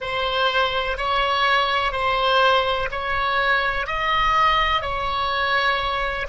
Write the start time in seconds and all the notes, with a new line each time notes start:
0.00 C5
0.97 C#5
1.92 C5
2.91 C#5
3.86 D#5
4.81 C#5